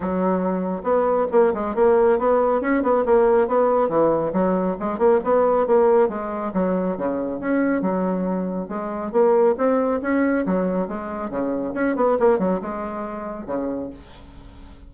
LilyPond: \new Staff \with { instrumentName = "bassoon" } { \time 4/4 \tempo 4 = 138 fis2 b4 ais8 gis8 | ais4 b4 cis'8 b8 ais4 | b4 e4 fis4 gis8 ais8 | b4 ais4 gis4 fis4 |
cis4 cis'4 fis2 | gis4 ais4 c'4 cis'4 | fis4 gis4 cis4 cis'8 b8 | ais8 fis8 gis2 cis4 | }